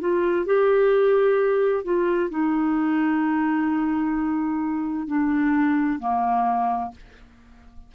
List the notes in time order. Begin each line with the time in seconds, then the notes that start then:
0.00 F4
0.46 G4
1.84 F4
2.30 D#4
5.07 D4
5.99 A#3